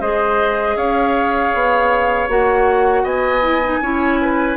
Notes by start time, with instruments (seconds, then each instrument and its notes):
0.00 bassoon G#3, clarinet G#4, oboe C5, flute D#5
0.76 bassoon C#4, oboe C#5, flute F5
1.54 bassoon B3
2.28 bassoon A#3, clarinet F#4, flute F#5
3.03 bassoon B3, oboe D#5, flute G#5
3.42 clarinet E4
3.63 clarinet D#4
3.80 bassoon C#4, clarinet E4, oboe C#5
4.21 oboe B4